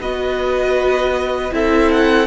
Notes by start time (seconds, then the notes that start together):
0.00 B3 F#4 B4 D#5
1.52 C4 E4 A4 E5
1.92 F#5